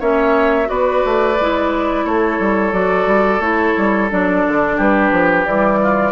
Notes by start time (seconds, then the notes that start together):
0.00 A#3 C#4 C#5 E5
0.66 B3 F#4 B4 D5
1.05 A3
1.40 G#3 E4
2.05 A3 A4 C#5
2.39 G3
2.72 F#3 F#4 D5
3.07 G3
3.40 A3 E4 C#5
3.78 G3
4.10 F#3 D4 D5
4.48 D3
4.77 G3 G4 B4
5.12 F3
5.46 E3 G3 D5
5.83 F4